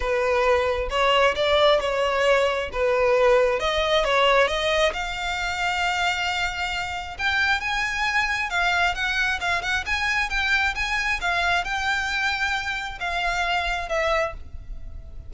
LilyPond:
\new Staff \with { instrumentName = "violin" } { \time 4/4 \tempo 4 = 134 b'2 cis''4 d''4 | cis''2 b'2 | dis''4 cis''4 dis''4 f''4~ | f''1 |
g''4 gis''2 f''4 | fis''4 f''8 fis''8 gis''4 g''4 | gis''4 f''4 g''2~ | g''4 f''2 e''4 | }